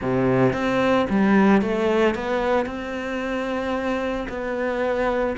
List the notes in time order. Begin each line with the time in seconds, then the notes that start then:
0.01 C3
0.52 C4
1.09 G3
1.61 A3
2.14 B3
2.65 C4
4.29 B3